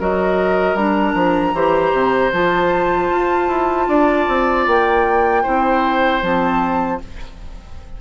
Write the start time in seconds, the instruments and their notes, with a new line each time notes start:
0.00 bassoon F#3, clarinet F#4, oboe A#4, flute D#5
0.75 bassoon G3, clarinet D4, flute A#5
1.15 bassoon F3
1.54 bassoon E3, clarinet G4, oboe C5
1.93 bassoon C3
2.33 bassoon F3, clarinet F4, flute A5
3.11 bassoon F4
3.48 bassoon E4
3.88 bassoon D4, oboe D5
4.28 bassoon C4
4.67 bassoon A#3, flute G5
5.43 bassoon C4, clarinet E4, oboe C5
6.22 bassoon F3, clarinet C4, flute A5